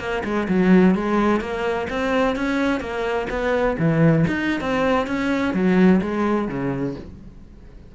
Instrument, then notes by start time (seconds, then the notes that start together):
cello
0.00 A#3
0.25 G#3
0.49 F#3
0.95 G#3
1.41 A#3
1.90 C4
2.36 C#4
2.81 A#3
3.30 B3
3.79 E3
4.28 D#4
4.61 C4
5.08 C#4
5.54 F#3
6.01 G#3
6.49 C#3